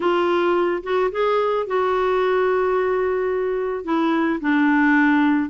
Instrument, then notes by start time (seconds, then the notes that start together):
clarinet
0.00 F4
0.83 F#4
1.11 G#4
1.66 F#4
3.84 E4
4.41 D4